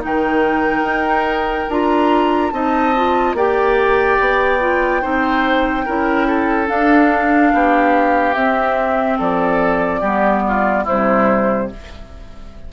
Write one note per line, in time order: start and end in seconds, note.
0.00 0.82 D#3
0.00 1.67 D#4
0.00 1.70 G5
0.06 2.54 A#4
0.82 1.66 D#4
1.69 2.52 D4
1.69 2.53 F4
1.69 2.51 A#5
2.51 3.34 C4
2.51 2.94 D#4
2.51 3.36 D#5
2.51 3.34 A5
2.96 3.37 F4
3.34 4.17 A#3
3.34 4.60 G4
3.34 5.02 D5
3.34 6.69 G5
4.20 5.03 B3
4.60 5.02 F4
5.02 5.87 C4
5.02 5.85 D#4
5.02 5.85 C5
5.85 6.69 C#4
5.85 6.67 E4
5.85 6.27 A#4
6.27 7.52 A4
6.67 8.34 D4
6.67 7.53 D4
6.67 8.34 F5
7.54 8.35 B3
7.54 9.18 G4
8.34 9.19 C4
8.34 10.04 C4
8.34 9.18 E5
9.18 10.02 F3
9.18 10.01 A4
9.18 10.86 D5
10.01 10.85 G3
10.01 10.87 B3
10.01 10.42 G4
10.48 10.84 F4
10.84 11.73 C3
10.84 11.71 G3
10.84 11.67 E4
10.84 11.71 C5